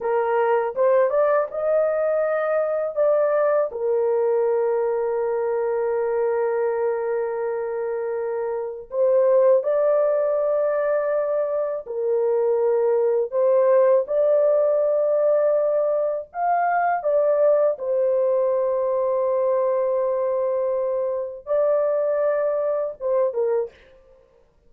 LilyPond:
\new Staff \with { instrumentName = "horn" } { \time 4/4 \tempo 4 = 81 ais'4 c''8 d''8 dis''2 | d''4 ais'2.~ | ais'1 | c''4 d''2. |
ais'2 c''4 d''4~ | d''2 f''4 d''4 | c''1~ | c''4 d''2 c''8 ais'8 | }